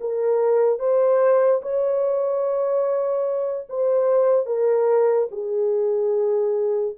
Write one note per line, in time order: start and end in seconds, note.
0.00 0.79 A#4
0.79 1.61 C5
1.62 3.67 C#5
3.69 4.46 C5
4.46 5.28 A#4
5.31 6.95 G#4